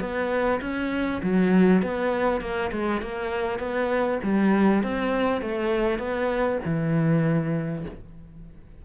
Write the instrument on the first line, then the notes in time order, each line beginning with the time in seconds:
cello
0.00 B3
0.61 C#4
1.22 F#3
1.82 B3
2.41 A#3
2.72 G#3
3.02 A#3
3.59 B3
4.23 G3
4.83 C4
5.41 A3
5.99 B3
6.65 E3